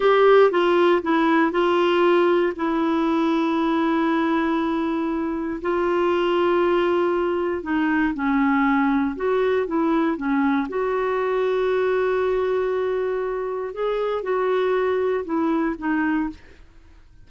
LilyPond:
\new Staff \with { instrumentName = "clarinet" } { \time 4/4 \tempo 4 = 118 g'4 f'4 e'4 f'4~ | f'4 e'2.~ | e'2. f'4~ | f'2. dis'4 |
cis'2 fis'4 e'4 | cis'4 fis'2.~ | fis'2. gis'4 | fis'2 e'4 dis'4 | }